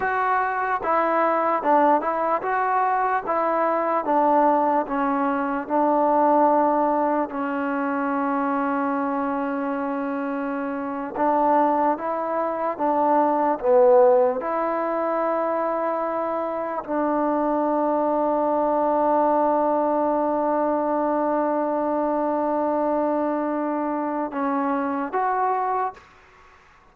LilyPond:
\new Staff \with { instrumentName = "trombone" } { \time 4/4 \tempo 4 = 74 fis'4 e'4 d'8 e'8 fis'4 | e'4 d'4 cis'4 d'4~ | d'4 cis'2.~ | cis'4.~ cis'16 d'4 e'4 d'16~ |
d'8. b4 e'2~ e'16~ | e'8. d'2.~ d'16~ | d'1~ | d'2 cis'4 fis'4 | }